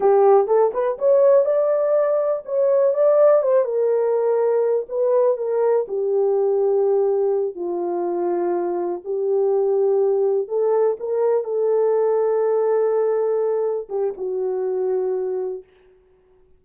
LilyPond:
\new Staff \with { instrumentName = "horn" } { \time 4/4 \tempo 4 = 123 g'4 a'8 b'8 cis''4 d''4~ | d''4 cis''4 d''4 c''8 ais'8~ | ais'2 b'4 ais'4 | g'2.~ g'8 f'8~ |
f'2~ f'8 g'4.~ | g'4. a'4 ais'4 a'8~ | a'1~ | a'8 g'8 fis'2. | }